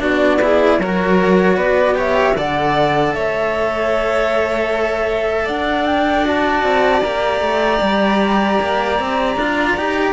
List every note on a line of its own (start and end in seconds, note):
0.00 0.79 B3
0.00 0.39 D4
0.00 0.41 F#4
0.00 0.81 D5
0.42 0.81 E4
0.42 0.81 G#4
0.79 1.57 F#3
0.79 1.95 F#4
0.79 1.56 A#4
0.79 1.59 C#5
1.56 2.35 B3
1.56 1.95 B4
1.56 1.98 D5
1.95 2.34 G4
1.95 2.37 C#5
1.95 2.38 E5
2.37 3.15 D3
2.37 6.25 A4
2.37 3.14 D5
2.37 3.14 F#5
3.14 5.49 A3
3.14 5.44 C#5
3.14 5.48 E5
5.44 6.63 D4
5.44 10.12 D5
5.44 5.87 F#5
5.87 6.26 G5
6.25 7.02 F#4
6.25 7.03 A5
6.63 7.02 C4
7.02 7.41 A#3
7.02 9.38 G4
7.02 10.13 A#5
7.41 7.80 A3
7.82 8.60 G3
8.61 9.00 A#3
9.00 9.37 C4
9.37 9.75 D4
9.37 9.78 F4
9.78 10.13 D#4
9.78 10.13 G4